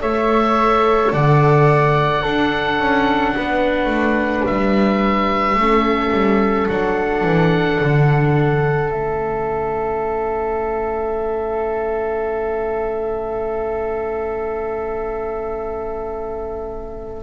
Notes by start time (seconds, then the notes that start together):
0.00 A3 A4 C#5 E5
1.13 D3 D5 F#5
2.22 D4 A4
2.79 C#4
3.35 B3 B4
3.86 A3
4.46 G3 E5
5.56 A3 C#4 A4
6.12 G3
6.69 F#3 D4 F#5
7.24 E3
7.81 D3
8.91 A3 C#4 E5